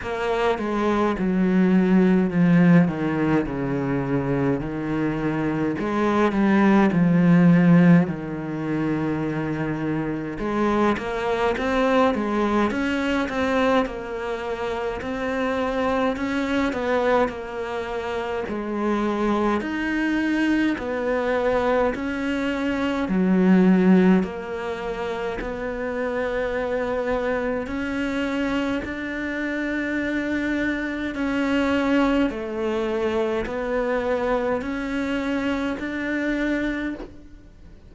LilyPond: \new Staff \with { instrumentName = "cello" } { \time 4/4 \tempo 4 = 52 ais8 gis8 fis4 f8 dis8 cis4 | dis4 gis8 g8 f4 dis4~ | dis4 gis8 ais8 c'8 gis8 cis'8 c'8 | ais4 c'4 cis'8 b8 ais4 |
gis4 dis'4 b4 cis'4 | fis4 ais4 b2 | cis'4 d'2 cis'4 | a4 b4 cis'4 d'4 | }